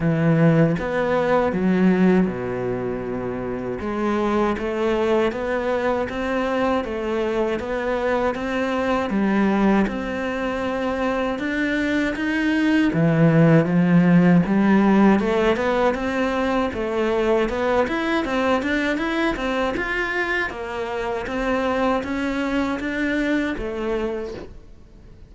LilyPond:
\new Staff \with { instrumentName = "cello" } { \time 4/4 \tempo 4 = 79 e4 b4 fis4 b,4~ | b,4 gis4 a4 b4 | c'4 a4 b4 c'4 | g4 c'2 d'4 |
dis'4 e4 f4 g4 | a8 b8 c'4 a4 b8 e'8 | c'8 d'8 e'8 c'8 f'4 ais4 | c'4 cis'4 d'4 a4 | }